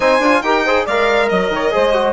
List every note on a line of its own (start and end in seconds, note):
0.00 0.19 C4
0.00 0.21 D#4
0.00 0.42 C5
0.00 0.42 G#5
0.19 0.41 D4
0.19 0.43 F4
0.42 0.85 D#4
0.42 0.65 G4
0.42 0.65 A#4
0.42 0.85 G5
0.65 0.88 G#4
0.65 0.84 C5
0.84 1.30 G#3
0.84 1.71 A#4
0.84 1.27 D5
0.84 1.29 F5
1.29 1.49 F#3
1.29 2.13 D#5
1.29 1.52 D#5
1.49 1.71 D#3
1.49 1.73 C#5
1.71 2.13 G#3
1.71 1.92 G#4
1.71 2.13 C5
1.93 2.13 F#4